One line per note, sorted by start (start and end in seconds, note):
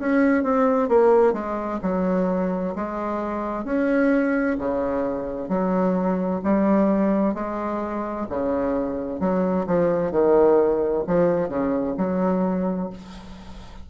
0.00 0.44 C#4
0.44 0.89 C4
0.89 1.33 A#3
1.33 1.80 G#3
1.83 2.75 F#3
2.76 3.65 G#3
3.65 4.57 C#4
4.59 5.49 C#3
5.49 6.41 F#3
6.44 7.35 G3
7.35 8.27 G#3
8.30 9.21 C#3
9.21 9.67 F#3
9.67 10.12 F3
10.12 11.04 D#3
11.08 11.49 F3
11.49 11.95 C#3
11.98 12.90 F#3